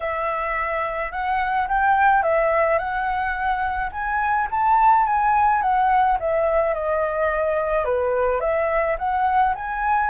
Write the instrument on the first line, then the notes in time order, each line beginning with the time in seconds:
flute
0.00 E5
1.11 F#5
1.68 G5
2.23 E5
2.78 F#5
3.92 G#5
4.50 A5
5.06 G#5
5.62 F#5
6.19 E5
6.74 D#5
7.84 B4
8.40 E5
8.98 F#5
9.55 G#5